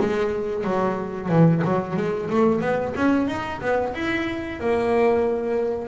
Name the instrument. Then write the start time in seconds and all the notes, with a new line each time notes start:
double bass
0.00 G#3
0.64 F#3
1.29 E3
1.65 F#3
1.97 G#3
2.30 A3
2.61 B3
2.96 C#4
3.28 D#4
3.61 B3
3.94 E4
4.60 A#3